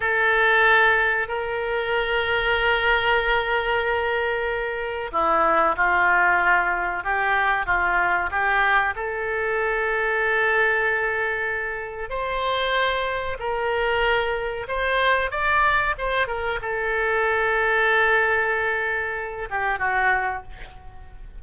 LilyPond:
\new Staff \with { instrumentName = "oboe" } { \time 4/4 \tempo 4 = 94 a'2 ais'2~ | ais'1 | e'4 f'2 g'4 | f'4 g'4 a'2~ |
a'2. c''4~ | c''4 ais'2 c''4 | d''4 c''8 ais'8 a'2~ | a'2~ a'8 g'8 fis'4 | }